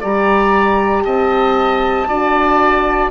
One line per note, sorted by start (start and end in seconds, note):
0.00 1.05 G3
0.00 2.09 G4
0.00 1.03 D5
0.00 1.04 A#5
1.04 2.08 C4
1.04 2.08 D#5
1.04 3.11 A5
2.08 3.11 D4
2.08 3.11 F#4
2.08 3.11 D5